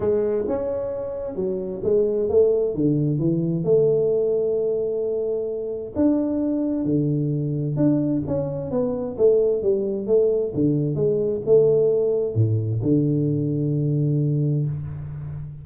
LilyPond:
\new Staff \with { instrumentName = "tuba" } { \time 4/4 \tempo 4 = 131 gis4 cis'2 fis4 | gis4 a4 d4 e4 | a1~ | a4 d'2 d4~ |
d4 d'4 cis'4 b4 | a4 g4 a4 d4 | gis4 a2 a,4 | d1 | }